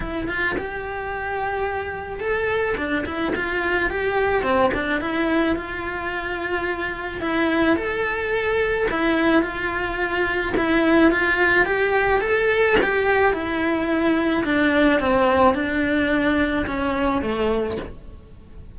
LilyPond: \new Staff \with { instrumentName = "cello" } { \time 4/4 \tempo 4 = 108 e'8 f'8 g'2. | a'4 d'8 e'8 f'4 g'4 | c'8 d'8 e'4 f'2~ | f'4 e'4 a'2 |
e'4 f'2 e'4 | f'4 g'4 a'4 g'4 | e'2 d'4 c'4 | d'2 cis'4 a4 | }